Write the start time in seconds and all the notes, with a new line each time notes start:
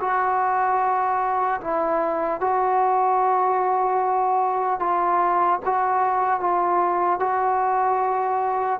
0.00 F#4
1.60 E4
2.40 F#4
4.79 F4
5.65 F#4
6.40 F4
7.19 F#4